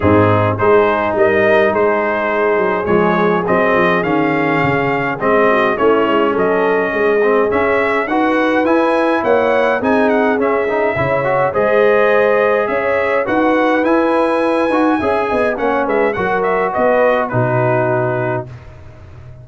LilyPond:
<<
  \new Staff \with { instrumentName = "trumpet" } { \time 4/4 \tempo 4 = 104 gis'4 c''4 dis''4 c''4~ | c''4 cis''4 dis''4 f''4~ | f''4 dis''4 cis''4 dis''4~ | dis''4 e''4 fis''4 gis''4 |
fis''4 gis''8 fis''8 e''2 | dis''2 e''4 fis''4 | gis''2. fis''8 e''8 | fis''8 e''8 dis''4 b'2 | }
  \new Staff \with { instrumentName = "horn" } { \time 4/4 dis'4 gis'4 ais'4 gis'4~ | gis'1~ | gis'4. fis'8 e'4 a'4 | gis'2 b'2 |
cis''4 gis'2 cis''4 | c''2 cis''4 b'4~ | b'2 e''8 dis''8 cis''8 b'8 | ais'4 b'4 fis'2 | }
  \new Staff \with { instrumentName = "trombone" } { \time 4/4 c'4 dis'2.~ | dis'4 gis4 c'4 cis'4~ | cis'4 c'4 cis'2~ | cis'8 c'8 cis'4 fis'4 e'4~ |
e'4 dis'4 cis'8 dis'8 e'8 fis'8 | gis'2. fis'4 | e'4. fis'8 gis'4 cis'4 | fis'2 dis'2 | }
  \new Staff \with { instrumentName = "tuba" } { \time 4/4 gis,4 gis4 g4 gis4~ | gis8 fis8 f4 fis8 f8 dis4 | cis4 gis4 a8 gis8 fis4 | gis4 cis'4 dis'4 e'4 |
ais4 c'4 cis'4 cis4 | gis2 cis'4 dis'4 | e'4. dis'8 cis'8 b8 ais8 gis8 | fis4 b4 b,2 | }
>>